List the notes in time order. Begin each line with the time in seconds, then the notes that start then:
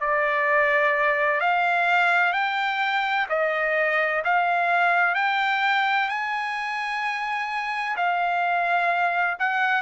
0.00 D5
1.40 F5
2.33 G5
3.29 D#5
4.24 F5
5.15 G5
6.09 G#5
7.96 F5
9.39 F#5